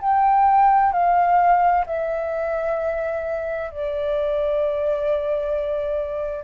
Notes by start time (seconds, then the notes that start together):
0.00 G5
0.92 F5
1.86 E5
3.71 D5